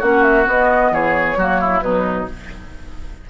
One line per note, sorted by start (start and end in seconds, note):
0.00 0.47 A#3
0.00 0.45 C#4
0.00 0.92 F#4
0.00 0.23 F#5
0.23 0.46 E5
0.45 1.36 B3
0.45 0.91 B3
0.45 0.94 D#5
0.91 1.36 E3
0.91 1.39 G#4
0.91 1.81 C#5
1.36 1.82 F#3
1.36 1.83 A#3
1.36 1.61 F#4
1.61 1.84 E4
1.81 2.28 B2
1.81 2.29 F#3
1.81 2.30 D#4
1.81 2.27 B4